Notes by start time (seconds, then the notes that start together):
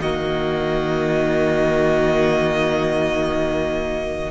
0.00 D#3 A#3 F#4 D#5